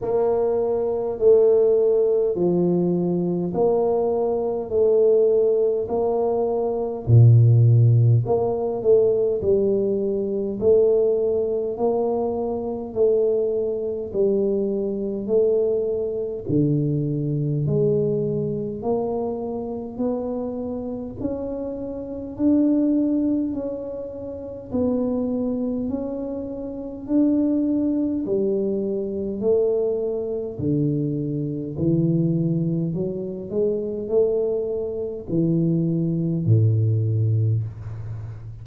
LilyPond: \new Staff \with { instrumentName = "tuba" } { \time 4/4 \tempo 4 = 51 ais4 a4 f4 ais4 | a4 ais4 ais,4 ais8 a8 | g4 a4 ais4 a4 | g4 a4 d4 gis4 |
ais4 b4 cis'4 d'4 | cis'4 b4 cis'4 d'4 | g4 a4 d4 e4 | fis8 gis8 a4 e4 a,4 | }